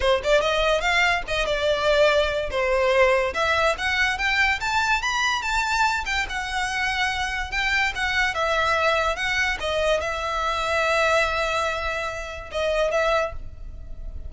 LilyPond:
\new Staff \with { instrumentName = "violin" } { \time 4/4 \tempo 4 = 144 c''8 d''8 dis''4 f''4 dis''8 d''8~ | d''2 c''2 | e''4 fis''4 g''4 a''4 | b''4 a''4. g''8 fis''4~ |
fis''2 g''4 fis''4 | e''2 fis''4 dis''4 | e''1~ | e''2 dis''4 e''4 | }